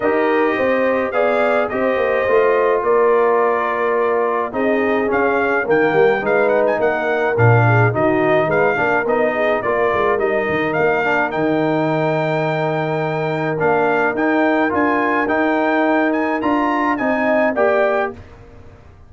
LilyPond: <<
  \new Staff \with { instrumentName = "trumpet" } { \time 4/4 \tempo 4 = 106 dis''2 f''4 dis''4~ | dis''4 d''2. | dis''4 f''4 g''4 f''8 fis''16 gis''16 | fis''4 f''4 dis''4 f''4 |
dis''4 d''4 dis''4 f''4 | g''1 | f''4 g''4 gis''4 g''4~ | g''8 gis''8 ais''4 gis''4 g''4 | }
  \new Staff \with { instrumentName = "horn" } { \time 4/4 ais'4 c''4 d''4 c''4~ | c''4 ais'2. | gis'2 ais'4 b'4 | ais'4. gis'8 fis'4 b'8 ais'8~ |
ais'8 gis'8 ais'2.~ | ais'1~ | ais'1~ | ais'2 dis''4 d''4 | }
  \new Staff \with { instrumentName = "trombone" } { \time 4/4 g'2 gis'4 g'4 | f'1 | dis'4 cis'4 ais4 dis'4~ | dis'4 d'4 dis'4. d'8 |
dis'4 f'4 dis'4. d'8 | dis'1 | d'4 dis'4 f'4 dis'4~ | dis'4 f'4 dis'4 g'4 | }
  \new Staff \with { instrumentName = "tuba" } { \time 4/4 dis'4 c'4 b4 c'8 ais8 | a4 ais2. | c'4 cis'4 dis8 g8 gis4 | ais4 ais,4 dis4 gis8 ais8 |
b4 ais8 gis8 g8 dis8 ais4 | dis1 | ais4 dis'4 d'4 dis'4~ | dis'4 d'4 c'4 ais4 | }
>>